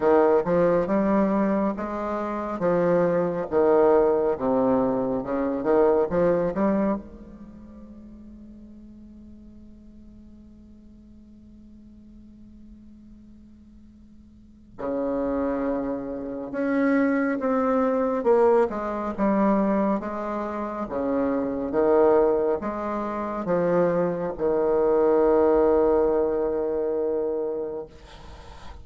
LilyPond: \new Staff \with { instrumentName = "bassoon" } { \time 4/4 \tempo 4 = 69 dis8 f8 g4 gis4 f4 | dis4 c4 cis8 dis8 f8 g8 | gis1~ | gis1~ |
gis4 cis2 cis'4 | c'4 ais8 gis8 g4 gis4 | cis4 dis4 gis4 f4 | dis1 | }